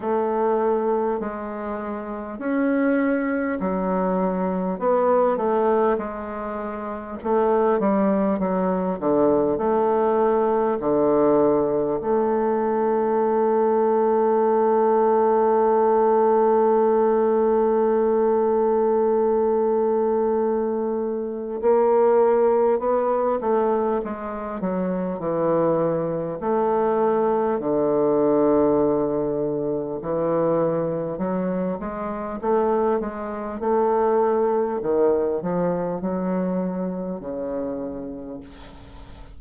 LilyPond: \new Staff \with { instrumentName = "bassoon" } { \time 4/4 \tempo 4 = 50 a4 gis4 cis'4 fis4 | b8 a8 gis4 a8 g8 fis8 d8 | a4 d4 a2~ | a1~ |
a2 ais4 b8 a8 | gis8 fis8 e4 a4 d4~ | d4 e4 fis8 gis8 a8 gis8 | a4 dis8 f8 fis4 cis4 | }